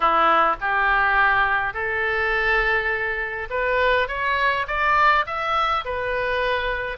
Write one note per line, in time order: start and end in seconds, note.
0.00 0.56 E4
0.60 1.73 G4
1.73 3.48 A4
3.50 4.08 B4
4.08 4.66 C#5
4.67 5.25 D5
5.26 5.84 E5
5.85 6.97 B4